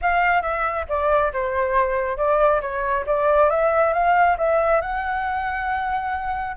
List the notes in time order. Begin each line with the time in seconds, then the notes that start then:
0.01 F5
0.42 E5
0.88 D5
1.33 C5
2.17 D5
2.61 C#5
3.06 D5
3.49 E5
3.93 F5
4.37 E5
4.81 F#5